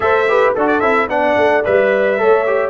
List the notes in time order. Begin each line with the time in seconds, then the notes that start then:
0.00 A3 A4 C5 E5
0.28 G4 B4
0.54 D4 F#4 A4
0.67 D5
0.80 C4 E4 E5
1.08 B3 D4 D5 F#5
1.36 A3
1.64 G3 B4 E5
2.18 A3 A4 C#5
2.46 G4